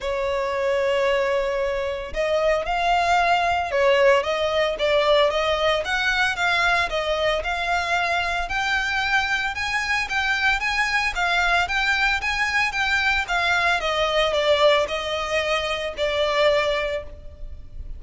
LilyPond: \new Staff \with { instrumentName = "violin" } { \time 4/4 \tempo 4 = 113 cis''1 | dis''4 f''2 cis''4 | dis''4 d''4 dis''4 fis''4 | f''4 dis''4 f''2 |
g''2 gis''4 g''4 | gis''4 f''4 g''4 gis''4 | g''4 f''4 dis''4 d''4 | dis''2 d''2 | }